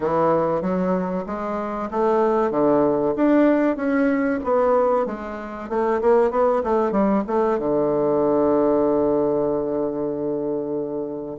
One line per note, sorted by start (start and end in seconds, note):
0.00 0.61 E3
0.61 1.24 F#3
1.26 1.89 G#3
1.91 2.50 A3
2.50 3.13 D3
3.16 3.76 D4
3.76 4.39 C#4
4.44 5.06 B3
5.06 5.69 G#3
5.69 6.01 A3
6.01 6.30 A#3
6.30 6.62 B3
6.63 6.91 A3
6.91 7.23 G3
7.27 7.58 A3
7.58 11.37 D3